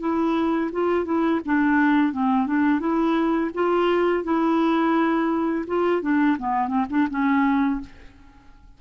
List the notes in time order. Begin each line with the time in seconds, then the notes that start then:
0.00 E4
0.72 F4
1.05 E4
1.45 D4
2.13 C4
2.47 D4
2.80 E4
3.54 F4
4.24 E4
5.67 F4
6.02 D4
6.39 B3
6.68 C4
6.90 D4
7.10 C#4